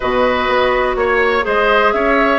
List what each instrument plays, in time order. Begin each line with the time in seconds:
0.00 bassoon B2, clarinet F#4, oboe B4, flute D#5
0.48 bassoon B3
0.95 bassoon A#3, flute C#5, oboe C#5
1.41 bassoon G#3, clarinet G#4, oboe C5, flute D#5
1.92 bassoon C#4, oboe C#5, flute E5